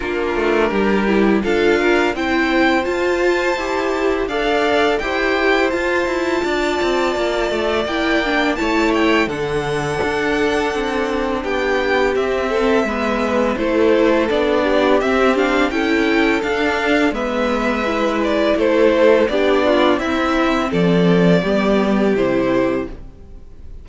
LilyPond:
<<
  \new Staff \with { instrumentName = "violin" } { \time 4/4 \tempo 4 = 84 ais'2 f''4 g''4 | a''2 f''4 g''4 | a''2. g''4 | a''8 g''8 fis''2. |
g''4 e''2 c''4 | d''4 e''8 f''8 g''4 f''4 | e''4. d''8 c''4 d''4 | e''4 d''2 c''4 | }
  \new Staff \with { instrumentName = "violin" } { \time 4/4 f'4 g'4 a'8 ais'8 c''4~ | c''2 d''4 c''4~ | c''4 d''2. | cis''4 a'2. |
g'4. a'8 b'4 a'4~ | a'8 g'4. a'2 | b'2 a'4 g'8 f'8 | e'4 a'4 g'2 | }
  \new Staff \with { instrumentName = "viola" } { \time 4/4 d'4. e'8 f'4 e'4 | f'4 g'4 a'4 g'4 | f'2. e'8 d'8 | e'4 d'2.~ |
d'4 c'4 b4 e'4 | d'4 c'8 d'8 e'4 d'4 | b4 e'2 d'4 | c'2 b4 e'4 | }
  \new Staff \with { instrumentName = "cello" } { \time 4/4 ais8 a8 g4 d'4 c'4 | f'4 e'4 d'4 e'4 | f'8 e'8 d'8 c'8 ais8 a8 ais4 | a4 d4 d'4 c'4 |
b4 c'4 gis4 a4 | b4 c'4 cis'4 d'4 | gis2 a4 b4 | c'4 f4 g4 c4 | }
>>